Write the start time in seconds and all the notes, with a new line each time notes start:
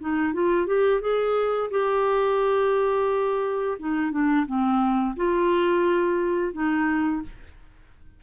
0.00 D#4
0.33 F4
0.66 G4
1.01 G#4
1.71 G4
3.79 D#4
4.11 D4
4.46 C4
5.16 F4
6.53 D#4